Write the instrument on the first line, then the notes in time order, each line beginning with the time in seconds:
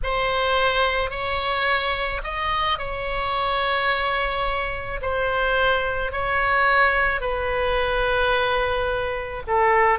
oboe
0.03 C5
1.10 C#5
2.23 D#5
2.78 C#5
5.01 C5
6.12 C#5
7.20 B4
9.47 A4